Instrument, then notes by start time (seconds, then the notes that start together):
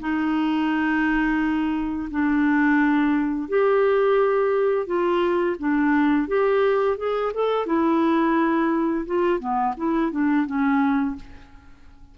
clarinet
0.00 D#4
2.11 D4
3.49 G4
4.87 F4
5.59 D4
6.28 G4
6.98 G#4
7.34 A4
7.67 E4
9.06 F4
9.40 B3
9.77 E4
10.12 D4
10.47 C#4